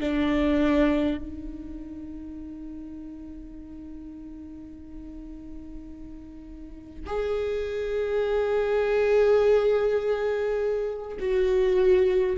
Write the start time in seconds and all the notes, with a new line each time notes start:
0.00 D4
1.18 D#4
7.06 G#4
11.19 F#4